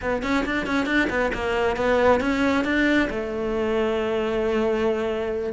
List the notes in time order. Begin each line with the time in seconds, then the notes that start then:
0.01 B3
0.22 C#4
0.45 D4
0.66 C#4
0.86 D4
1.09 B3
1.34 A#3
1.76 B3
2.20 C#4
2.64 D4
3.10 A3